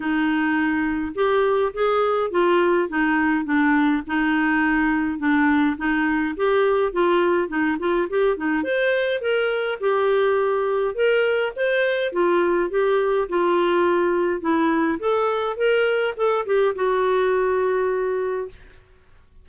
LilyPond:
\new Staff \with { instrumentName = "clarinet" } { \time 4/4 \tempo 4 = 104 dis'2 g'4 gis'4 | f'4 dis'4 d'4 dis'4~ | dis'4 d'4 dis'4 g'4 | f'4 dis'8 f'8 g'8 dis'8 c''4 |
ais'4 g'2 ais'4 | c''4 f'4 g'4 f'4~ | f'4 e'4 a'4 ais'4 | a'8 g'8 fis'2. | }